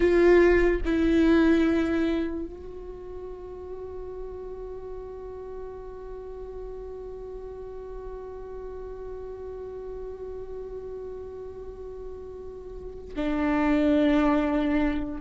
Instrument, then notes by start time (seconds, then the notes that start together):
viola
0.00 F4
0.84 E4
2.45 F#4
13.15 D4